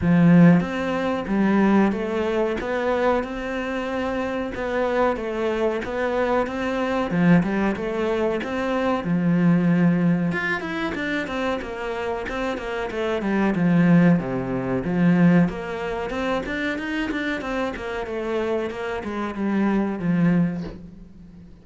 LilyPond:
\new Staff \with { instrumentName = "cello" } { \time 4/4 \tempo 4 = 93 f4 c'4 g4 a4 | b4 c'2 b4 | a4 b4 c'4 f8 g8 | a4 c'4 f2 |
f'8 e'8 d'8 c'8 ais4 c'8 ais8 | a8 g8 f4 c4 f4 | ais4 c'8 d'8 dis'8 d'8 c'8 ais8 | a4 ais8 gis8 g4 f4 | }